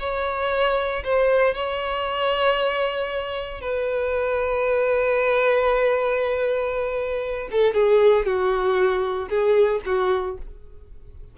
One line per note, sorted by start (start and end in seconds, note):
0.00 1.03 C#5
1.04 1.55 C5
1.55 3.61 C#5
3.61 7.49 B4
7.51 7.74 A4
7.74 8.26 G#4
8.26 9.29 F#4
9.29 9.81 G#4
9.86 10.38 F#4